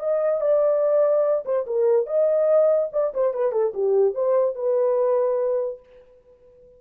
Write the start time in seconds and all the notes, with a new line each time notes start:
0.00 D#5
0.41 D5
1.45 C5
1.67 A#4
2.07 D#5
2.93 D5
3.14 C5
3.34 B4
3.52 A4
3.74 G4
4.15 C5
4.56 B4